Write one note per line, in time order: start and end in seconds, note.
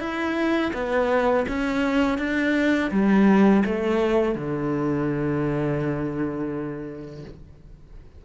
0.00 0.72 E4
0.74 1.46 B3
1.49 2.19 C#4
2.19 2.91 D4
2.91 3.63 G3
3.65 4.35 A3
4.35 7.24 D3